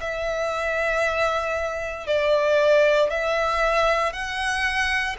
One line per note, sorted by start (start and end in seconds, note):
0.00 2.06 E5
2.06 3.10 D5
3.10 4.12 E5
4.12 5.16 F#5